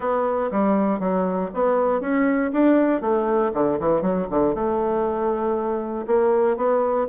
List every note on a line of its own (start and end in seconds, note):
0.00 0.50 B3
0.51 0.99 G3
0.99 1.50 F#3
1.54 2.00 B3
2.00 2.51 C#4
2.52 3.01 D4
3.01 3.51 A3
3.53 3.78 D3
3.79 4.01 E3
4.01 4.26 F#3
4.30 4.54 D3
4.54 6.06 A3
6.06 6.57 A#3
6.57 7.07 B3